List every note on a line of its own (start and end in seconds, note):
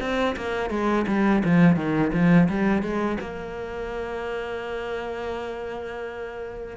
0.00 0.36 C4
0.36 0.70 A#3
0.70 1.06 G#3
1.07 1.43 G3
1.44 1.76 F3
1.76 2.12 D#3
2.13 2.49 F3
2.49 2.82 G3
2.82 3.18 G#3
3.20 6.77 A#3